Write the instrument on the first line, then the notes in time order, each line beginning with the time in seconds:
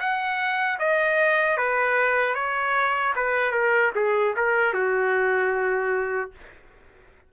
trumpet
0.00 F#5
0.80 D#5
1.58 B4
2.35 C#5
3.16 B4
3.52 A#4
3.96 G#4
4.37 A#4
4.74 F#4